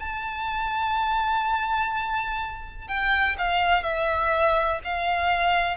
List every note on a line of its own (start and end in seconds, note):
0.00 2.88 A5
2.88 3.37 G5
3.39 3.84 F5
3.84 4.80 E5
4.85 5.78 F5